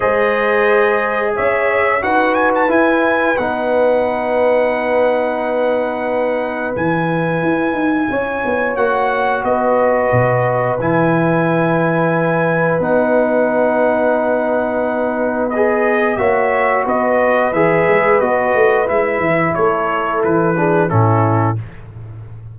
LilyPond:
<<
  \new Staff \with { instrumentName = "trumpet" } { \time 4/4 \tempo 4 = 89 dis''2 e''4 fis''8 gis''16 a''16 | gis''4 fis''2.~ | fis''2 gis''2~ | gis''4 fis''4 dis''2 |
gis''2. fis''4~ | fis''2. dis''4 | e''4 dis''4 e''4 dis''4 | e''4 cis''4 b'4 a'4 | }
  \new Staff \with { instrumentName = "horn" } { \time 4/4 c''2 cis''4 b'4~ | b'1~ | b'1 | cis''2 b'2~ |
b'1~ | b'1 | cis''4 b'2.~ | b'4 a'4. gis'8 e'4 | }
  \new Staff \with { instrumentName = "trombone" } { \time 4/4 gis'2. fis'4 | e'4 dis'2.~ | dis'2 e'2~ | e'4 fis'2. |
e'2. dis'4~ | dis'2. gis'4 | fis'2 gis'4 fis'4 | e'2~ e'8 d'8 cis'4 | }
  \new Staff \with { instrumentName = "tuba" } { \time 4/4 gis2 cis'4 dis'4 | e'4 b2.~ | b2 e4 e'8 dis'8 | cis'8 b8 ais4 b4 b,4 |
e2. b4~ | b1 | ais4 b4 e8 gis8 b8 a8 | gis8 e8 a4 e4 a,4 | }
>>